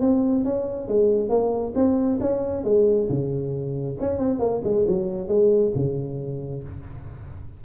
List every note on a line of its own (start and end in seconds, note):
0.00 0.44 C4
0.44 0.88 C#4
0.88 1.29 G#3
1.29 1.73 A#3
1.75 2.19 C4
2.20 2.64 C#4
2.64 3.08 G#3
3.09 3.97 C#3
4.00 4.18 C#4
4.18 4.39 C4
4.39 4.61 A#3
4.64 4.86 G#3
4.87 5.28 F#3
5.28 5.72 G#3
5.75 6.63 C#3